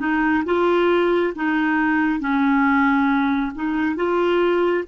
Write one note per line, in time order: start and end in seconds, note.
0.00 0.44 D#4
0.45 1.34 F4
1.36 2.20 D#4
2.20 3.53 C#4
3.56 3.96 D#4
3.96 4.84 F4